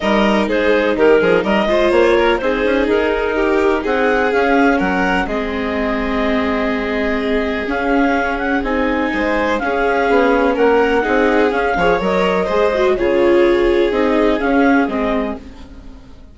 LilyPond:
<<
  \new Staff \with { instrumentName = "clarinet" } { \time 4/4 \tempo 4 = 125 dis''4 c''4 ais'4 dis''4 | cis''4 c''4 ais'2 | fis''4 f''4 fis''4 dis''4~ | dis''1 |
f''4. fis''8 gis''2 | f''2 fis''2 | f''4 dis''2 cis''4~ | cis''4 dis''4 f''4 dis''4 | }
  \new Staff \with { instrumentName = "violin" } { \time 4/4 ais'4 gis'4 g'8 gis'8 ais'8 c''8~ | c''8 ais'8 gis'2 g'4 | gis'2 ais'4 gis'4~ | gis'1~ |
gis'2. c''4 | gis'2 ais'4 gis'4~ | gis'8 cis''4. c''4 gis'4~ | gis'1 | }
  \new Staff \with { instrumentName = "viola" } { \time 4/4 dis'2.~ dis'8 f'8~ | f'4 dis'2.~ | dis'4 cis'2 c'4~ | c'1 |
cis'2 dis'2 | cis'2. dis'4 | cis'8 gis'8 ais'4 gis'8 fis'8 f'4~ | f'4 dis'4 cis'4 c'4 | }
  \new Staff \with { instrumentName = "bassoon" } { \time 4/4 g4 gis4 dis8 f8 g8 gis8 | ais4 c'8 cis'8 dis'2 | c'4 cis'4 fis4 gis4~ | gis1 |
cis'2 c'4 gis4 | cis'4 b4 ais4 c'4 | cis'8 f8 fis4 gis4 cis4~ | cis4 c'4 cis'4 gis4 | }
>>